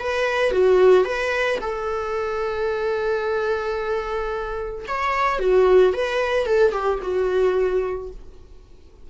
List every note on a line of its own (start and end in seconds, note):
0.00 0.52 B4
0.52 1.05 F#4
1.05 1.59 B4
1.61 4.86 A4
4.88 5.39 C#5
5.39 5.93 F#4
5.94 6.46 B4
6.46 6.72 A4
6.72 6.99 G4
7.02 8.10 F#4